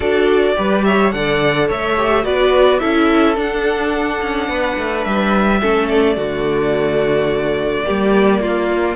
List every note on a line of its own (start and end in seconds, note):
0.00 0.55 D4
0.00 0.55 F#4
0.00 0.54 A4
0.00 0.84 D5
0.55 1.13 G3
0.55 1.11 G4
0.55 0.85 B4
0.84 1.14 C#5
0.84 1.11 E5
1.11 1.70 D3
1.11 1.96 A4
1.11 1.68 D5
1.11 1.67 F#5
1.68 2.25 A3
1.68 2.23 C#5
1.68 2.24 E5
1.97 2.23 G4
2.23 2.81 B3
2.23 2.79 F#4
2.23 2.80 B4
2.23 2.79 D5
2.79 3.37 C#4
2.79 3.35 E4
2.79 4.48 A4
2.79 3.35 E5
3.35 5.59 D4
3.35 4.21 D4
3.35 5.04 F#5
4.21 4.48 C#4
4.48 4.77 B3
4.48 5.60 B4
4.77 5.05 A3
5.04 5.61 G3
5.04 5.88 E5
5.60 6.17 A3
5.60 6.15 C#4
5.60 6.16 A4
5.88 8.95 D5
6.15 7.85 D3
6.15 7.83 A3
6.15 7.85 F#4
7.84 8.40 G3
7.84 8.95 A#3
7.84 8.41 G4
8.40 8.95 A#3
8.40 8.95 F4